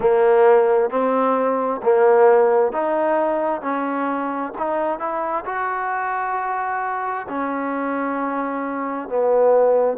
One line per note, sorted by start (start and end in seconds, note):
0.00 0.90 A#3
0.90 1.81 C4
1.82 2.72 A#3
2.72 3.61 D#4
3.61 4.52 C#4
4.57 4.99 D#4
4.99 5.44 E4
5.45 7.26 F#4
7.28 9.09 C#4
9.09 9.98 B3